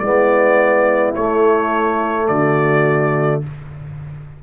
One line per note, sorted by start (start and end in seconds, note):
0.00 1.15 G#3
0.00 1.16 B3
0.00 2.29 E4
0.00 1.13 D5
1.15 2.29 A3
1.15 3.43 A3
1.15 2.28 C#5
2.28 3.43 D3
2.28 3.42 F#4
2.28 3.42 D5